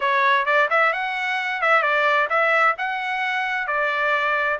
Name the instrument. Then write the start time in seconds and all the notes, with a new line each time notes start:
trumpet
0.00 C#5
0.45 D5
0.70 E5
0.92 F#5
1.61 E5
1.82 D5
2.29 E5
2.78 F#5
3.67 D5